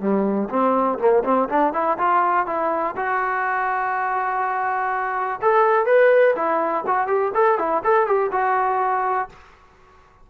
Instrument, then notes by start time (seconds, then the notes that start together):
trombone
0.00 G3
0.50 C4
0.99 A#3
1.24 C4
1.49 D4
1.73 E4
1.98 F4
2.47 E4
2.96 F#4
5.42 A4
5.86 B4
6.36 E4
6.87 F#4
7.07 G4
7.35 A4
7.59 E4
7.84 A4
8.07 G4
8.32 F#4